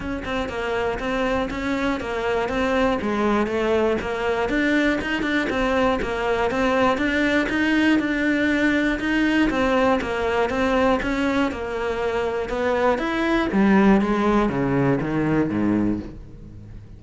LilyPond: \new Staff \with { instrumentName = "cello" } { \time 4/4 \tempo 4 = 120 cis'8 c'8 ais4 c'4 cis'4 | ais4 c'4 gis4 a4 | ais4 d'4 dis'8 d'8 c'4 | ais4 c'4 d'4 dis'4 |
d'2 dis'4 c'4 | ais4 c'4 cis'4 ais4~ | ais4 b4 e'4 g4 | gis4 cis4 dis4 gis,4 | }